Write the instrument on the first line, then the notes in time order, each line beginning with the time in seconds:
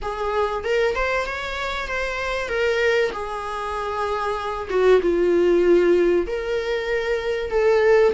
viola
0.02 G#4
0.63 A#4
0.95 C5
1.26 C#5
1.87 C5
2.48 A#4
3.12 G#4
4.69 F#4
5.01 F4
6.26 A#4
7.51 A4